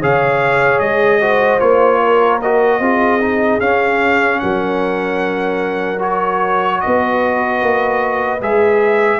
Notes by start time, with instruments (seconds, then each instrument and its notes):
0.00 tuba C#3, trombone G#4, horn C#5, trumpet F5
0.79 tuba G#3, trumpet D#5
1.21 trombone F#4, horn C5
1.60 tuba A#3, trombone F4, trumpet C#5
2.00 horn A#4
2.41 trombone F#4, trumpet D#5
2.80 tuba C4, trombone F4, horn G#4
3.20 trombone D#4
3.60 tuba C#4, trombone C#4, trumpet F5
4.39 tuba F#3, horn A#4, trumpet F#5
5.99 trombone F#4, trumpet C#5
6.81 tuba B3, horn B4, trumpet D#5
7.62 tuba A#3
8.41 tuba G#3, trombone G#4, trumpet E5